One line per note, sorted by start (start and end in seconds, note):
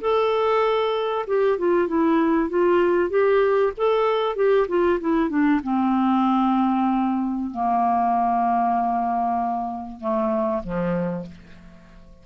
0.00 1.25 A4
1.27 1.58 G4
1.58 1.88 F4
1.88 2.49 E4
2.49 3.09 F4
3.09 3.72 G4
3.76 4.36 A4
4.36 4.67 G4
4.68 4.99 F4
5.00 5.29 E4
5.29 5.60 D4
5.63 7.51 C4
7.51 10.00 A#3
10.00 10.62 A3
10.63 11.25 F3